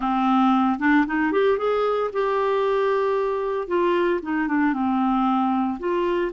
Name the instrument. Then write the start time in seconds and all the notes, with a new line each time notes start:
clarinet
0.00 C4
0.79 D4
1.06 D#4
1.32 G4
1.58 G#4
2.12 G4
3.67 F4
4.22 D#4
4.47 D4
4.73 C4
5.79 F4